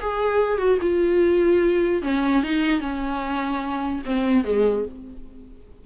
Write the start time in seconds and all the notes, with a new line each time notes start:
0.00 G#4
0.58 F#4
0.81 F4
2.02 C#4
2.43 D#4
2.80 C#4
4.05 C4
4.44 G#3